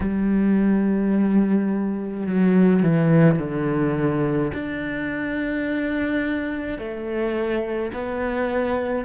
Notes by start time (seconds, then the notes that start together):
0.00 G3
2.26 F#3
2.83 E3
3.39 D3
4.53 D4
6.78 A3
7.92 B3